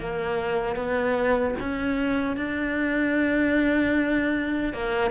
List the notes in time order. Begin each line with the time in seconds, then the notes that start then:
0.00 A#3
0.76 B3
1.60 C#4
2.37 D4
4.74 A#3